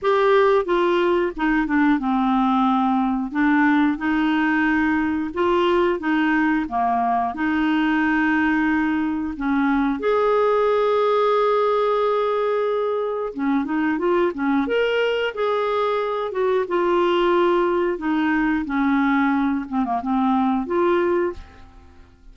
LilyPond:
\new Staff \with { instrumentName = "clarinet" } { \time 4/4 \tempo 4 = 90 g'4 f'4 dis'8 d'8 c'4~ | c'4 d'4 dis'2 | f'4 dis'4 ais4 dis'4~ | dis'2 cis'4 gis'4~ |
gis'1 | cis'8 dis'8 f'8 cis'8 ais'4 gis'4~ | gis'8 fis'8 f'2 dis'4 | cis'4. c'16 ais16 c'4 f'4 | }